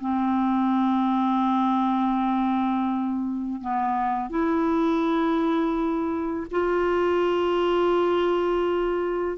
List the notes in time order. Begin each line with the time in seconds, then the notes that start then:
0.00 C4
3.61 B3
4.30 E4
6.51 F4